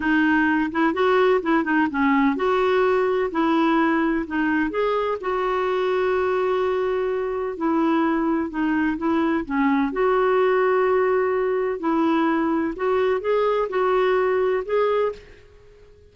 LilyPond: \new Staff \with { instrumentName = "clarinet" } { \time 4/4 \tempo 4 = 127 dis'4. e'8 fis'4 e'8 dis'8 | cis'4 fis'2 e'4~ | e'4 dis'4 gis'4 fis'4~ | fis'1 |
e'2 dis'4 e'4 | cis'4 fis'2.~ | fis'4 e'2 fis'4 | gis'4 fis'2 gis'4 | }